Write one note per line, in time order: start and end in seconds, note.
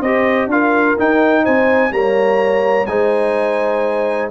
0.00 0.47 C4
0.00 0.51 G4
0.00 0.48 C5
0.00 0.49 D#5
0.47 0.95 D4
0.47 0.98 F4
0.47 1.44 A#4
0.47 0.99 F5
0.98 1.92 D#4
0.98 1.47 D#4
0.98 1.45 G5
1.44 1.92 C4
1.44 1.91 C5
1.44 1.93 G#5
1.92 2.87 G3
1.92 2.87 A#3
1.92 2.89 C#5
1.92 2.86 A#5
2.86 4.30 G#3
2.86 4.31 D#4
2.86 4.31 C5
2.86 4.29 G#5